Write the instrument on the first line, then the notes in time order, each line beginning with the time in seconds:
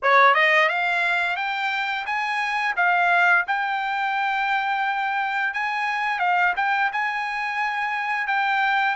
trumpet
0.02 C#5
0.34 D#5
0.69 F5
1.36 G5
2.05 G#5
2.76 F5
3.47 G5
5.53 G#5
6.19 F5
6.56 G5
6.92 G#5
8.27 G5